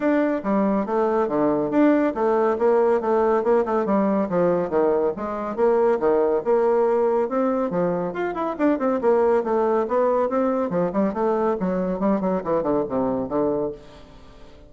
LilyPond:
\new Staff \with { instrumentName = "bassoon" } { \time 4/4 \tempo 4 = 140 d'4 g4 a4 d4 | d'4 a4 ais4 a4 | ais8 a8 g4 f4 dis4 | gis4 ais4 dis4 ais4~ |
ais4 c'4 f4 f'8 e'8 | d'8 c'8 ais4 a4 b4 | c'4 f8 g8 a4 fis4 | g8 fis8 e8 d8 c4 d4 | }